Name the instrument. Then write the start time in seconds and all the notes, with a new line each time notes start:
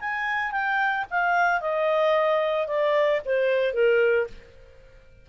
clarinet
0.00 G#5
0.52 G5
1.10 F5
1.60 D#5
2.67 D5
3.25 C5
3.74 A#4